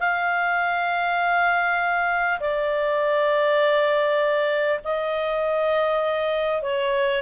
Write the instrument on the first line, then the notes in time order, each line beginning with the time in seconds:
clarinet
0.00 F5
2.40 D5
4.84 D#5
6.62 C#5